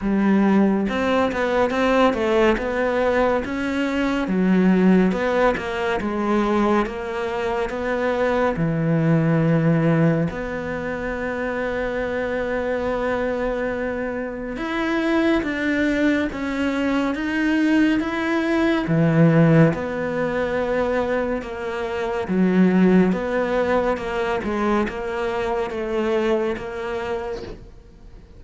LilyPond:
\new Staff \with { instrumentName = "cello" } { \time 4/4 \tempo 4 = 70 g4 c'8 b8 c'8 a8 b4 | cis'4 fis4 b8 ais8 gis4 | ais4 b4 e2 | b1~ |
b4 e'4 d'4 cis'4 | dis'4 e'4 e4 b4~ | b4 ais4 fis4 b4 | ais8 gis8 ais4 a4 ais4 | }